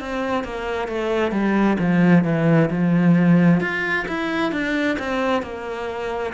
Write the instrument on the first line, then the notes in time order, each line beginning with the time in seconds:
cello
0.00 C4
0.44 A#3
0.88 A3
1.31 G3
1.79 F3
2.24 E3
2.70 F3
3.60 F4
4.08 E4
4.52 D4
4.98 C4
5.42 A#3